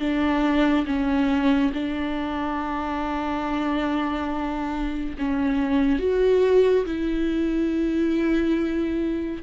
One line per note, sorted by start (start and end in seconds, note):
0.00 0.86 D4
0.86 1.72 C#4
1.73 5.16 D4
5.19 5.99 C#4
5.99 6.85 F#4
6.86 9.43 E4